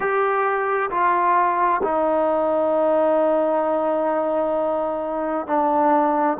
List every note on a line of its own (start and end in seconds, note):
0.00 0.90 G4
0.90 1.81 F4
1.83 5.46 D#4
5.46 6.37 D4